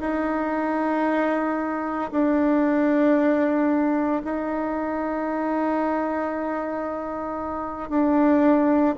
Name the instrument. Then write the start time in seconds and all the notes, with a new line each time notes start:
bassoon
0.00 D#4
2.11 D4
4.24 D#4
7.89 D4